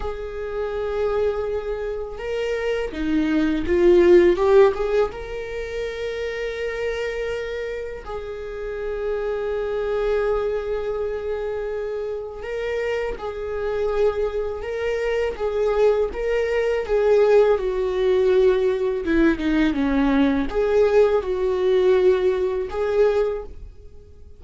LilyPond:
\new Staff \with { instrumentName = "viola" } { \time 4/4 \tempo 4 = 82 gis'2. ais'4 | dis'4 f'4 g'8 gis'8 ais'4~ | ais'2. gis'4~ | gis'1~ |
gis'4 ais'4 gis'2 | ais'4 gis'4 ais'4 gis'4 | fis'2 e'8 dis'8 cis'4 | gis'4 fis'2 gis'4 | }